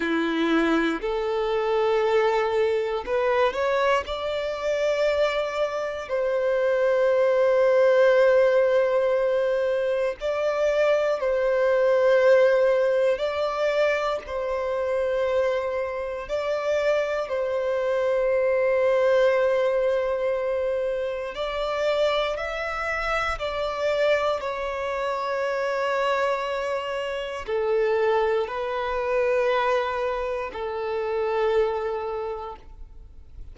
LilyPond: \new Staff \with { instrumentName = "violin" } { \time 4/4 \tempo 4 = 59 e'4 a'2 b'8 cis''8 | d''2 c''2~ | c''2 d''4 c''4~ | c''4 d''4 c''2 |
d''4 c''2.~ | c''4 d''4 e''4 d''4 | cis''2. a'4 | b'2 a'2 | }